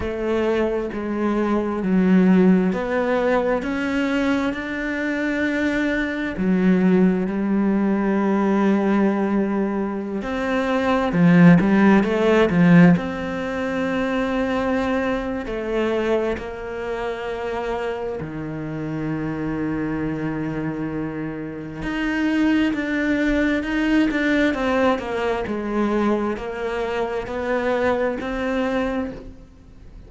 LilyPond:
\new Staff \with { instrumentName = "cello" } { \time 4/4 \tempo 4 = 66 a4 gis4 fis4 b4 | cis'4 d'2 fis4 | g2.~ g16 c'8.~ | c'16 f8 g8 a8 f8 c'4.~ c'16~ |
c'4 a4 ais2 | dis1 | dis'4 d'4 dis'8 d'8 c'8 ais8 | gis4 ais4 b4 c'4 | }